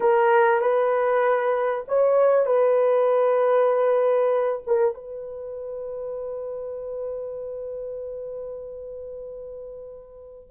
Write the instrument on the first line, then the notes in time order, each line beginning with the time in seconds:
horn
0.00 A#4
0.61 B4
1.88 C#5
2.45 B4
4.66 A#4
4.94 B4